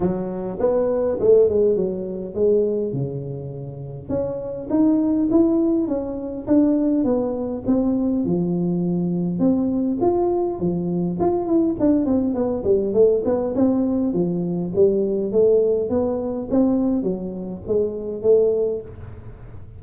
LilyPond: \new Staff \with { instrumentName = "tuba" } { \time 4/4 \tempo 4 = 102 fis4 b4 a8 gis8 fis4 | gis4 cis2 cis'4 | dis'4 e'4 cis'4 d'4 | b4 c'4 f2 |
c'4 f'4 f4 f'8 e'8 | d'8 c'8 b8 g8 a8 b8 c'4 | f4 g4 a4 b4 | c'4 fis4 gis4 a4 | }